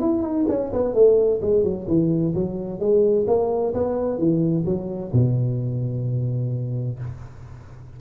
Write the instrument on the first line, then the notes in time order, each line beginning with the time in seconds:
tuba
0.00 E4
0.22 D#4
0.48 C#4
0.73 B3
0.94 A3
1.41 G#3
1.63 F#3
1.87 E3
2.34 F#3
2.79 G#3
3.27 A#3
3.74 B3
4.18 E3
4.65 F#3
5.13 B2